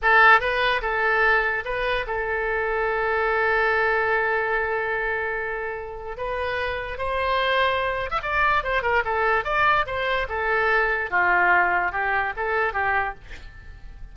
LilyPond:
\new Staff \with { instrumentName = "oboe" } { \time 4/4 \tempo 4 = 146 a'4 b'4 a'2 | b'4 a'2.~ | a'1~ | a'2. b'4~ |
b'4 c''2~ c''8. e''16 | d''4 c''8 ais'8 a'4 d''4 | c''4 a'2 f'4~ | f'4 g'4 a'4 g'4 | }